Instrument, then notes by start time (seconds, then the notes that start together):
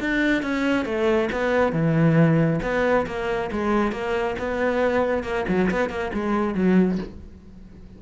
cello
0.00 D4
0.42 C#4
0.85 A3
1.32 B3
1.72 E3
2.62 B3
3.06 A#3
3.51 G#3
3.92 A#3
4.39 B3
5.23 A#3
5.48 F#3
5.71 B3
5.89 A#3
6.14 G#3
6.54 F#3